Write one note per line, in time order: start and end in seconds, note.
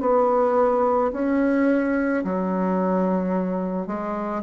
0.00 1.11 B3
1.12 2.23 C#4
2.24 3.86 F#3
3.86 4.42 G#3